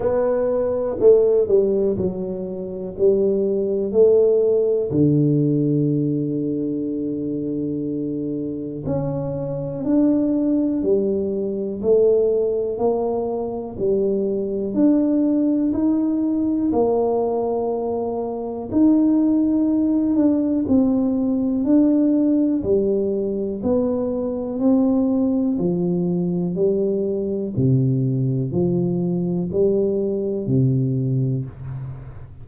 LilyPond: \new Staff \with { instrumentName = "tuba" } { \time 4/4 \tempo 4 = 61 b4 a8 g8 fis4 g4 | a4 d2.~ | d4 cis'4 d'4 g4 | a4 ais4 g4 d'4 |
dis'4 ais2 dis'4~ | dis'8 d'8 c'4 d'4 g4 | b4 c'4 f4 g4 | c4 f4 g4 c4 | }